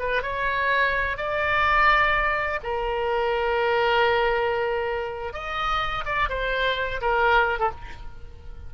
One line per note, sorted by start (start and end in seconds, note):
0.00 0.23 B4
0.23 1.18 C#5
1.18 2.60 D5
2.64 5.34 A#4
5.34 6.05 D#5
6.06 6.29 D5
6.30 7.01 C5
7.02 7.60 A#4
7.60 7.71 A4